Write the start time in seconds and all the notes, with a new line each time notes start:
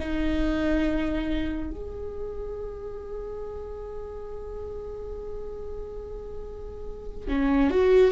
0.00 D#4
1.71 G#4
7.29 C#4
7.71 F#4